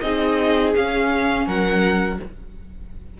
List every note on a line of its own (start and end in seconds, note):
0.00 0.74 C4
0.00 0.73 D#4
0.00 1.45 G#4
0.00 0.72 D#5
0.73 2.18 C#4
0.73 1.47 C#4
0.73 1.47 F5
1.45 2.19 F#3
1.45 2.18 A#4
1.45 2.20 F#5